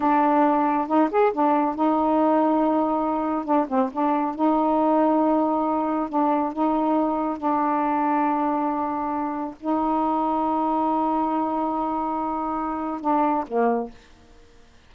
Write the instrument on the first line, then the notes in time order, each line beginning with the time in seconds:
saxophone
0.00 D4
0.87 D#4
1.10 G#4
1.32 D4
1.75 D#4
3.44 D4
3.68 C4
3.92 D4
4.35 D#4
6.09 D4
6.53 D#4
7.37 D4
9.59 D#4
13.01 D4
13.47 A#3